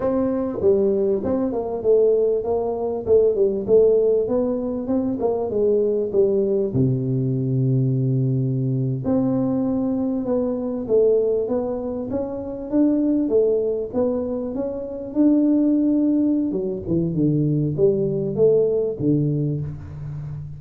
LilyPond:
\new Staff \with { instrumentName = "tuba" } { \time 4/4 \tempo 4 = 98 c'4 g4 c'8 ais8 a4 | ais4 a8 g8 a4 b4 | c'8 ais8 gis4 g4 c4~ | c2~ c8. c'4~ c'16~ |
c'8. b4 a4 b4 cis'16~ | cis'8. d'4 a4 b4 cis'16~ | cis'8. d'2~ d'16 fis8 e8 | d4 g4 a4 d4 | }